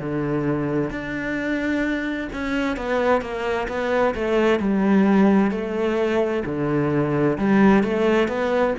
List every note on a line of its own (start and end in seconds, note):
0.00 0.91 D3
0.91 2.29 D4
2.33 2.77 C#4
2.77 3.22 B3
3.22 3.68 A#3
3.68 4.15 B3
4.15 4.60 A3
4.60 5.51 G3
5.51 6.44 A3
6.46 7.38 D3
7.39 7.84 G3
7.84 8.29 A3
8.29 8.75 B3